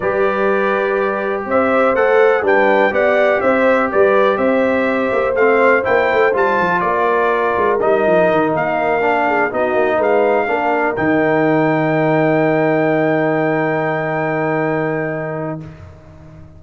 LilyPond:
<<
  \new Staff \with { instrumentName = "trumpet" } { \time 4/4 \tempo 4 = 123 d''2. e''4 | fis''4 g''4 fis''4 e''4 | d''4 e''2 f''4 | g''4 a''4 d''2 |
dis''4. f''2 dis''8~ | dis''8 f''2 g''4.~ | g''1~ | g''1 | }
  \new Staff \with { instrumentName = "horn" } { \time 4/4 b'2. c''4~ | c''4 b'4 d''4 c''4 | b'4 c''2.~ | c''2 ais'2~ |
ais'2. gis'8 fis'8~ | fis'8 b'4 ais'2~ ais'8~ | ais'1~ | ais'1 | }
  \new Staff \with { instrumentName = "trombone" } { \time 4/4 g'1 | a'4 d'4 g'2~ | g'2. c'4 | e'4 f'2. |
dis'2~ dis'8 d'4 dis'8~ | dis'4. d'4 dis'4.~ | dis'1~ | dis'1 | }
  \new Staff \with { instrumentName = "tuba" } { \time 4/4 g2. c'4 | a4 g4 b4 c'4 | g4 c'4. ais8 a4 | ais8 a8 g8 f8 ais4. gis8 |
g8 f8 dis8 ais2 b8 | ais8 gis4 ais4 dis4.~ | dis1~ | dis1 | }
>>